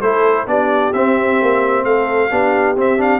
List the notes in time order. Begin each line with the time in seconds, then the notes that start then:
0.00 A3 E4 A4 C5
0.46 B3 D4 G4 D5
0.93 C4 E5
1.42 A#3
1.84 A3 A4 F5
2.29 B3 D4 G4
2.77 C4 E5
2.98 D4 F5